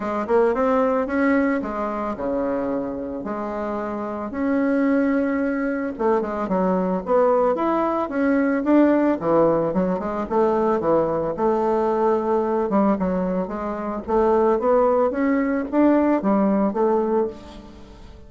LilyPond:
\new Staff \with { instrumentName = "bassoon" } { \time 4/4 \tempo 4 = 111 gis8 ais8 c'4 cis'4 gis4 | cis2 gis2 | cis'2. a8 gis8 | fis4 b4 e'4 cis'4 |
d'4 e4 fis8 gis8 a4 | e4 a2~ a8 g8 | fis4 gis4 a4 b4 | cis'4 d'4 g4 a4 | }